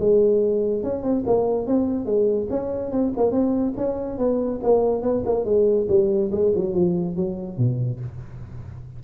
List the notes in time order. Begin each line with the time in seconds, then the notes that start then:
0.00 G#3
0.84 C#4
1.03 C4
1.27 A#3
1.67 C4
2.06 G#3
2.50 C#4
2.92 C4
3.17 A#3
3.32 C4
3.77 C#4
4.18 B3
4.63 A#3
5.03 B3
5.26 A#3
5.45 G#3
5.89 G3
6.32 G#3
6.56 F#3
6.75 F3
7.16 F#3
7.58 B2